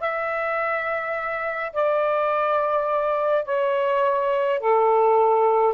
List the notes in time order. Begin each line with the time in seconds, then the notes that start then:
0.00 E5
1.74 D5
3.46 C#5
4.60 A4